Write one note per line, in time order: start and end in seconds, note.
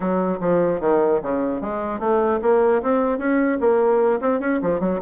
0.00 0.39 F#3
0.40 0.80 F3
0.80 1.20 D#3
1.22 1.61 C#3
1.61 1.99 G#3
1.99 2.39 A3
2.42 2.82 A#3
2.82 3.18 C4
3.18 3.58 C#4
3.60 4.20 A#3
4.21 4.40 C4
4.40 4.60 C#4
4.62 4.80 F3
4.80 5.00 F#3